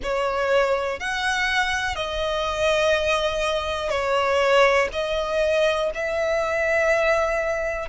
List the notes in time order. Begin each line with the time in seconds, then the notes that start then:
0.02 C#5
0.99 F#5
1.95 D#5
3.89 C#5
4.92 D#5
5.94 E5